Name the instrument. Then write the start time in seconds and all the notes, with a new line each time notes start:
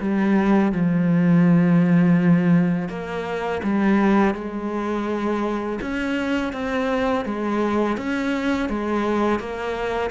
cello
0.00 G3
0.72 F3
2.89 A#3
3.63 G3
4.34 G#3
5.81 C#4
6.53 C4
7.26 G#3
7.97 C#4
8.69 G#3
9.39 A#3